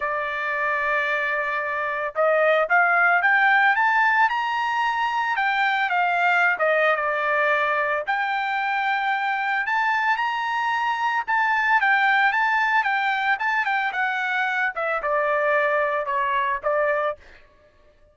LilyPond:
\new Staff \with { instrumentName = "trumpet" } { \time 4/4 \tempo 4 = 112 d''1 | dis''4 f''4 g''4 a''4 | ais''2 g''4 f''4~ | f''16 dis''8. d''2 g''4~ |
g''2 a''4 ais''4~ | ais''4 a''4 g''4 a''4 | g''4 a''8 g''8 fis''4. e''8 | d''2 cis''4 d''4 | }